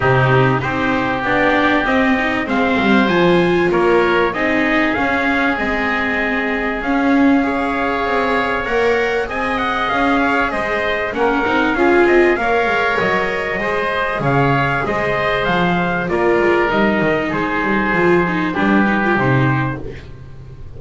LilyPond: <<
  \new Staff \with { instrumentName = "trumpet" } { \time 4/4 \tempo 4 = 97 g'4 c''4 d''4 dis''4 | f''4 gis''4 cis''4 dis''4 | f''4 dis''2 f''4~ | f''2 fis''4 gis''8 fis''8 |
f''4 dis''4 fis''4 f''8 dis''8 | f''4 dis''2 f''4 | dis''4 f''4 d''4 dis''4 | c''2 b'4 c''4 | }
  \new Staff \with { instrumentName = "oboe" } { \time 4/4 dis'4 g'2. | c''2 ais'4 gis'4~ | gis'1 | cis''2. dis''4~ |
dis''8 cis''8 c''4 ais'4 gis'4 | cis''2 c''4 cis''4 | c''2 ais'2 | gis'2 g'2 | }
  \new Staff \with { instrumentName = "viola" } { \time 4/4 c'4 dis'4 d'4 c'8 dis'8 | c'4 f'2 dis'4 | cis'4 c'2 cis'4 | gis'2 ais'4 gis'4~ |
gis'2 cis'8 dis'8 f'4 | ais'2 gis'2~ | gis'2 f'4 dis'4~ | dis'4 f'8 dis'8 d'8 dis'16 f'16 dis'4 | }
  \new Staff \with { instrumentName = "double bass" } { \time 4/4 c4 c'4 b4 c'4 | gis8 g8 f4 ais4 c'4 | cis'4 gis2 cis'4~ | cis'4 c'4 ais4 c'4 |
cis'4 gis4 ais8 c'8 cis'8 c'8 | ais8 gis8 fis4 gis4 cis4 | gis4 f4 ais8 gis8 g8 dis8 | gis8 g8 f4 g4 c4 | }
>>